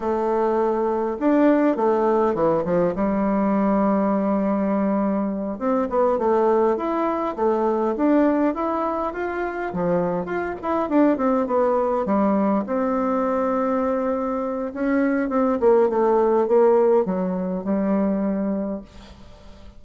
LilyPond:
\new Staff \with { instrumentName = "bassoon" } { \time 4/4 \tempo 4 = 102 a2 d'4 a4 | e8 f8 g2.~ | g4. c'8 b8 a4 e'8~ | e'8 a4 d'4 e'4 f'8~ |
f'8 f4 f'8 e'8 d'8 c'8 b8~ | b8 g4 c'2~ c'8~ | c'4 cis'4 c'8 ais8 a4 | ais4 fis4 g2 | }